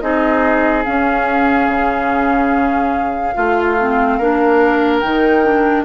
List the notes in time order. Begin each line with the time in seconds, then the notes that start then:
0.00 C4 D#4 G#4 D#5
0.84 C#4 F5
1.68 C#3
3.34 A3 F4
3.80 C4
4.18 A#3 D4 A#4
5.00 D#3 D#4 G5
5.44 D4